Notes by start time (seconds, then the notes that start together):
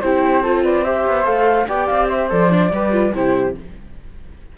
0.00 C4 E4 G4 C5
0.42 F4 A4
0.63 B4 D5
0.84 G4 C5 E5
1.06 B3
1.23 A3 A4 F5
1.67 B3 G4 D5 G5
1.86 C4 F5
2.09 C5 E5
2.29 F3 A4 D5
2.50 D4
2.71 G3 G4 B4
2.91 F4
3.13 C3 E4 G4 C5